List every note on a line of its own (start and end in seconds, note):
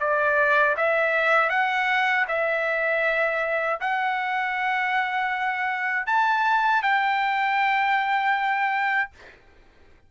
0.00 0.76 D5
0.77 1.49 E5
1.49 2.25 F#5
2.28 3.80 E5
3.80 6.07 F#5
6.07 6.83 A5
6.83 9.10 G5